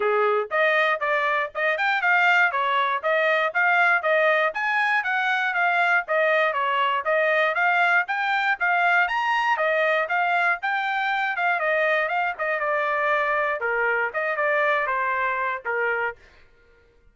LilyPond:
\new Staff \with { instrumentName = "trumpet" } { \time 4/4 \tempo 4 = 119 gis'4 dis''4 d''4 dis''8 g''8 | f''4 cis''4 dis''4 f''4 | dis''4 gis''4 fis''4 f''4 | dis''4 cis''4 dis''4 f''4 |
g''4 f''4 ais''4 dis''4 | f''4 g''4. f''8 dis''4 | f''8 dis''8 d''2 ais'4 | dis''8 d''4 c''4. ais'4 | }